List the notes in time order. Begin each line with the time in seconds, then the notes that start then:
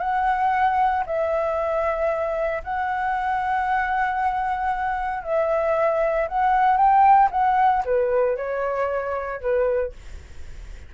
0.00 F#5
1.06 E5
2.64 F#5
5.24 E5
6.28 F#5
6.77 G5
7.31 F#5
7.85 B4
8.37 C#5
9.41 B4